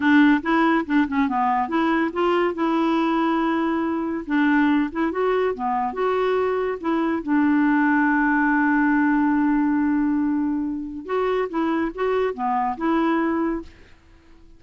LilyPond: \new Staff \with { instrumentName = "clarinet" } { \time 4/4 \tempo 4 = 141 d'4 e'4 d'8 cis'8 b4 | e'4 f'4 e'2~ | e'2 d'4. e'8 | fis'4 b4 fis'2 |
e'4 d'2.~ | d'1~ | d'2 fis'4 e'4 | fis'4 b4 e'2 | }